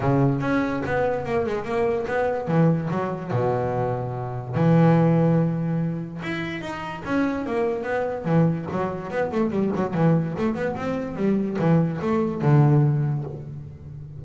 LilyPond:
\new Staff \with { instrumentName = "double bass" } { \time 4/4 \tempo 4 = 145 cis4 cis'4 b4 ais8 gis8 | ais4 b4 e4 fis4 | b,2. e4~ | e2. e'4 |
dis'4 cis'4 ais4 b4 | e4 fis4 b8 a8 g8 fis8 | e4 a8 b8 c'4 g4 | e4 a4 d2 | }